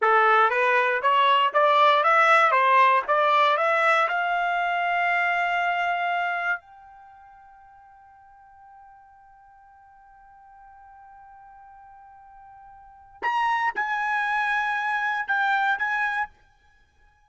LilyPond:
\new Staff \with { instrumentName = "trumpet" } { \time 4/4 \tempo 4 = 118 a'4 b'4 cis''4 d''4 | e''4 c''4 d''4 e''4 | f''1~ | f''4 g''2.~ |
g''1~ | g''1~ | g''2 ais''4 gis''4~ | gis''2 g''4 gis''4 | }